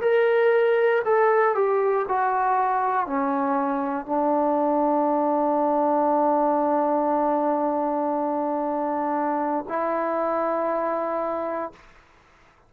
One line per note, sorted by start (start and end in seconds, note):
0.00 1.02 A#4
1.04 1.55 A4
1.55 2.06 G4
2.08 3.06 F#4
3.06 4.06 C#4
4.06 9.65 D4
9.68 11.72 E4